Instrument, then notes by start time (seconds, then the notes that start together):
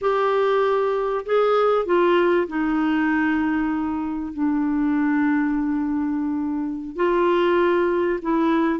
clarinet
0.01 G4
1.25 G#4
1.85 F4
2.47 D#4
4.33 D4
6.96 F4
8.22 E4